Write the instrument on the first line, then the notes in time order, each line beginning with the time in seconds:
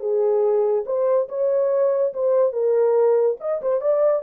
horn
0.00 G#4
0.86 C5
1.29 C#5
2.14 C5
2.53 A#4
3.41 D#5
3.62 C5
3.81 D5